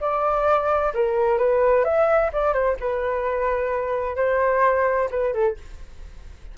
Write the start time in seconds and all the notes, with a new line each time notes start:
0.00 D5
0.94 A#4
1.38 B4
1.84 E5
2.33 D5
2.53 C5
2.80 B4
4.16 C5
5.11 B4
5.33 A4